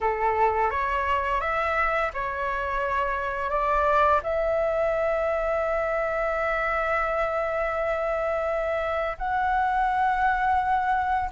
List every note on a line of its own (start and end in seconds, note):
0.00 0.70 A4
0.70 1.41 C#5
1.41 2.11 E5
2.13 3.49 C#5
3.49 4.20 D5
4.23 9.17 E5
9.18 11.29 F#5